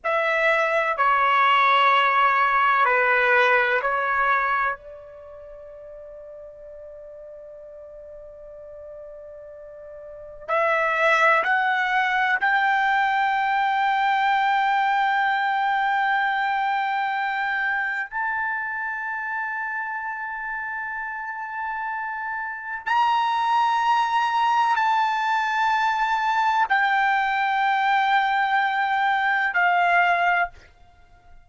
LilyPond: \new Staff \with { instrumentName = "trumpet" } { \time 4/4 \tempo 4 = 63 e''4 cis''2 b'4 | cis''4 d''2.~ | d''2. e''4 | fis''4 g''2.~ |
g''2. a''4~ | a''1 | ais''2 a''2 | g''2. f''4 | }